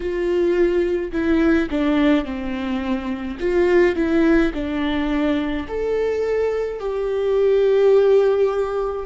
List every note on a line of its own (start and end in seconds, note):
0.00 1.11 F4
1.12 1.68 E4
1.70 2.24 D4
2.24 3.38 C4
3.40 3.95 F4
3.95 4.52 E4
4.53 5.66 D4
5.68 6.79 A4
6.79 9.06 G4